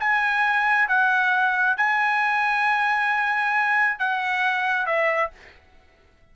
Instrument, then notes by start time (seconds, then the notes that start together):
trumpet
0.00 G#5
0.88 F#5
1.77 G#5
3.99 F#5
4.86 E5